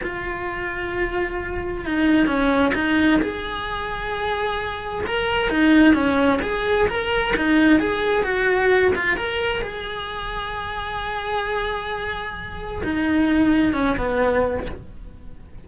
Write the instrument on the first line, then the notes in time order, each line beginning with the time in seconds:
cello
0.03 F4
1.85 D#4
2.26 C#4
2.74 D#4
3.21 G#4
5.06 A#4
5.49 D#4
5.94 C#4
6.42 G#4
6.88 A#4
7.36 D#4
7.79 G#4
8.23 F#4
8.95 F4
9.16 A#4
9.61 G#4
12.83 D#4
13.73 C#4
13.97 B3